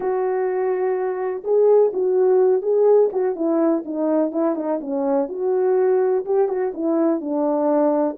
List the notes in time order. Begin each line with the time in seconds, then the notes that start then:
0.00 F#4
1.44 G#4
1.93 F#4
2.62 G#4
3.12 F#4
3.35 E4
3.85 D#4
4.31 E4
4.55 D#4
4.80 C#4
5.28 F#4
6.25 G4
6.48 F#4
6.74 E4
7.20 D4